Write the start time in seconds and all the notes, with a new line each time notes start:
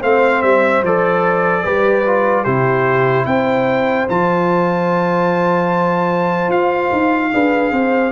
0.00 A3 C4 C5 F5
0.43 G3 E5
0.83 F3 A4 D5
1.65 G3 G4 B4
2.07 F4
2.44 C3 E4 G4 C5
3.26 C4 C5 G5
4.09 F3 F4 A5
6.49 F4 F5
6.92 D#4
7.32 D4 G#4 B4
7.72 C4 C5